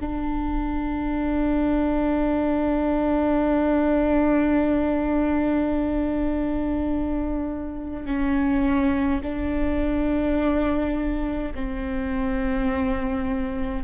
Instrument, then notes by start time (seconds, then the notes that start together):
viola
0.00 D4
8.06 C#4
9.22 D4
11.54 C4